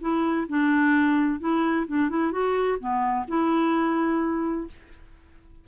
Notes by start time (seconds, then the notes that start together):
0.00 E4
0.48 D4
1.39 E4
1.87 D4
2.09 E4
2.31 F#4
2.79 B3
3.27 E4